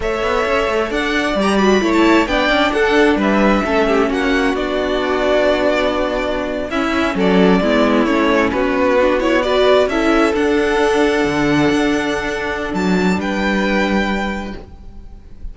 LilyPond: <<
  \new Staff \with { instrumentName = "violin" } { \time 4/4 \tempo 4 = 132 e''2 fis''4 ais''8 b''8~ | b''16 a''8. g''4 fis''4 e''4~ | e''4 fis''4 d''2~ | d''2~ d''8. e''4 d''16~ |
d''4.~ d''16 cis''4 b'4~ b'16~ | b'16 cis''8 d''4 e''4 fis''4~ fis''16~ | fis''1 | a''4 g''2. | }
  \new Staff \with { instrumentName = "violin" } { \time 4/4 cis''2 d''2 | cis''4 d''4 a'4 b'4 | a'8 g'8 fis'2.~ | fis'2~ fis'8. e'4 a'16~ |
a'8. e'2 fis'4~ fis'16~ | fis'8. b'4 a'2~ a'16~ | a'1~ | a'4 b'2. | }
  \new Staff \with { instrumentName = "viola" } { \time 4/4 a'2. g'8 fis'8 | e'4 d'2. | cis'2 d'2~ | d'2~ d'8. cis'4~ cis'16~ |
cis'8. b4 cis'2 d'16~ | d'16 e'8 fis'4 e'4 d'4~ d'16~ | d'1~ | d'1 | }
  \new Staff \with { instrumentName = "cello" } { \time 4/4 a8 b8 cis'8 a8 d'4 g4 | a4 b8 cis'8 d'4 g4 | a4 ais4 b2~ | b2~ b8. cis'4 fis16~ |
fis8. gis4 a4 b4~ b16~ | b4.~ b16 cis'4 d'4~ d'16~ | d'8. d4 d'2~ d'16 | fis4 g2. | }
>>